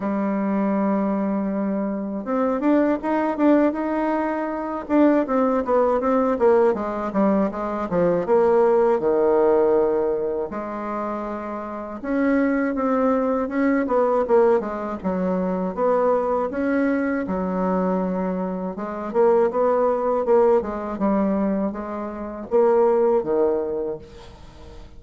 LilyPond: \new Staff \with { instrumentName = "bassoon" } { \time 4/4 \tempo 4 = 80 g2. c'8 d'8 | dis'8 d'8 dis'4. d'8 c'8 b8 | c'8 ais8 gis8 g8 gis8 f8 ais4 | dis2 gis2 |
cis'4 c'4 cis'8 b8 ais8 gis8 | fis4 b4 cis'4 fis4~ | fis4 gis8 ais8 b4 ais8 gis8 | g4 gis4 ais4 dis4 | }